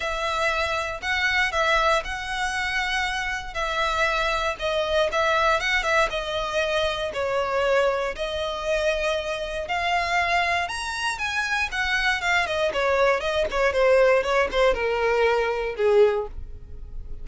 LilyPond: \new Staff \with { instrumentName = "violin" } { \time 4/4 \tempo 4 = 118 e''2 fis''4 e''4 | fis''2. e''4~ | e''4 dis''4 e''4 fis''8 e''8 | dis''2 cis''2 |
dis''2. f''4~ | f''4 ais''4 gis''4 fis''4 | f''8 dis''8 cis''4 dis''8 cis''8 c''4 | cis''8 c''8 ais'2 gis'4 | }